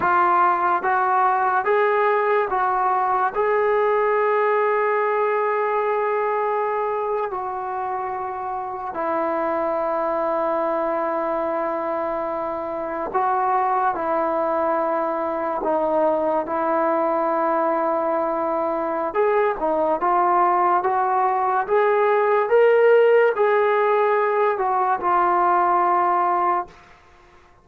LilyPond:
\new Staff \with { instrumentName = "trombone" } { \time 4/4 \tempo 4 = 72 f'4 fis'4 gis'4 fis'4 | gis'1~ | gis'8. fis'2 e'4~ e'16~ | e'2.~ e'8. fis'16~ |
fis'8. e'2 dis'4 e'16~ | e'2. gis'8 dis'8 | f'4 fis'4 gis'4 ais'4 | gis'4. fis'8 f'2 | }